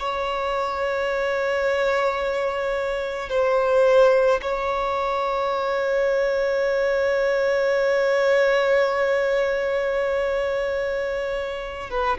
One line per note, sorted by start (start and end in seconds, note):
0.00 3.30 C#5
3.30 4.41 C5
4.42 11.90 C#5
11.90 12.18 B4